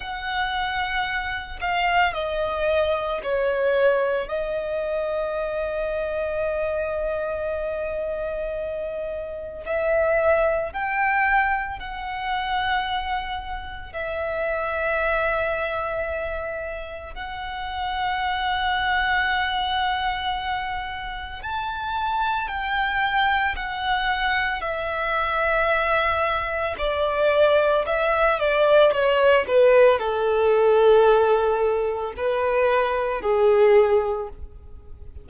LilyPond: \new Staff \with { instrumentName = "violin" } { \time 4/4 \tempo 4 = 56 fis''4. f''8 dis''4 cis''4 | dis''1~ | dis''4 e''4 g''4 fis''4~ | fis''4 e''2. |
fis''1 | a''4 g''4 fis''4 e''4~ | e''4 d''4 e''8 d''8 cis''8 b'8 | a'2 b'4 gis'4 | }